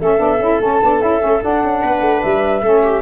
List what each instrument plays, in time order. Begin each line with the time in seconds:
0.00 tuba A3, saxophone C#4, viola A4, flute E5
0.18 tuba B3, saxophone D4
0.39 tuba C#4, saxophone E4
0.61 tuba A3, saxophone C#4, flute A5
0.82 tuba B3, saxophone D4
1.01 tuba C#4, saxophone E4, flute E5
1.19 tuba A3, saxophone C#4
1.41 saxophone D4, tuba D4, flute F#5
1.63 tuba C#4
1.82 tuba B3, viola B4
2.01 tuba A3
2.23 tuba G3, flute E5
2.62 tuba A3, saxophone C#4, viola A4
2.83 viola G4